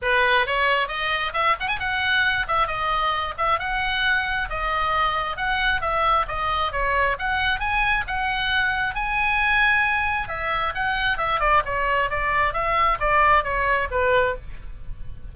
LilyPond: \new Staff \with { instrumentName = "oboe" } { \time 4/4 \tempo 4 = 134 b'4 cis''4 dis''4 e''8 fis''16 gis''16 | fis''4. e''8 dis''4. e''8 | fis''2 dis''2 | fis''4 e''4 dis''4 cis''4 |
fis''4 gis''4 fis''2 | gis''2. e''4 | fis''4 e''8 d''8 cis''4 d''4 | e''4 d''4 cis''4 b'4 | }